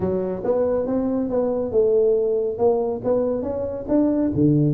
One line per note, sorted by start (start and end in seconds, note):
0.00 0.42 F#3
0.44 0.86 B3
0.86 1.29 C4
1.29 1.71 B3
1.71 2.58 A3
2.58 3.01 A#3
3.04 3.42 B3
3.42 3.85 C#4
3.88 4.31 D4
4.34 4.74 D3